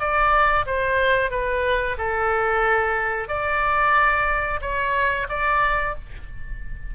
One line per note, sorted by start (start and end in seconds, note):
0.00 0.66 D5
0.67 1.31 C5
1.31 1.97 B4
1.98 3.29 A4
3.29 4.61 D5
4.62 5.28 C#5
5.30 5.96 D5